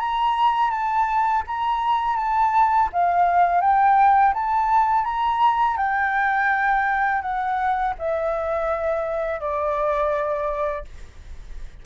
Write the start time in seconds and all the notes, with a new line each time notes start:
0.00 A#5
0.71 A5
1.47 A#5
2.17 A5
2.93 F5
3.61 G5
4.34 A5
5.05 A#5
5.77 G5
7.22 F#5
7.99 E5
9.40 D5